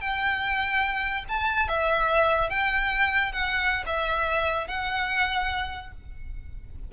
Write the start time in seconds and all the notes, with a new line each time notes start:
0.00 G5
1.28 A5
1.68 E5
2.49 G5
3.32 F#5
3.86 E5
4.67 F#5